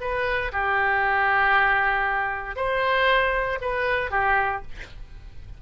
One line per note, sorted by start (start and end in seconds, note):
0.00 0.51 B4
0.52 2.56 G4
2.56 3.59 C5
3.61 4.11 B4
4.11 4.62 G4